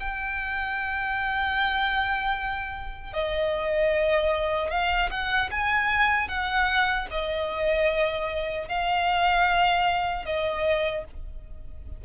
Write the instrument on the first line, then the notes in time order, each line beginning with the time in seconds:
violin
0.00 G5
3.14 D#5
4.71 F5
5.11 F#5
5.52 G#5
6.29 F#5
7.11 D#5
8.68 F5
10.26 D#5